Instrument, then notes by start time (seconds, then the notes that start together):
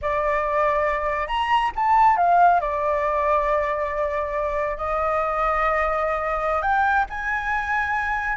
flute
0.01 D5
1.27 A#5
1.75 A5
2.17 F5
2.60 D5
4.77 D#5
6.62 G5
7.09 G#5